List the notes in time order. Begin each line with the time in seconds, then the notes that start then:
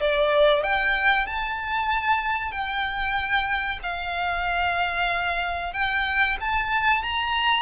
0.00 D5
0.63 G5
1.26 A5
2.51 G5
3.82 F5
5.73 G5
6.40 A5
7.02 A#5